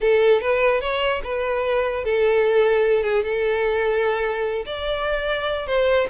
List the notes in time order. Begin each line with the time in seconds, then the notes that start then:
0.00 A4
0.41 B4
0.81 C#5
1.23 B4
2.04 A4
3.03 G#4
3.23 A4
4.65 D5
5.66 C5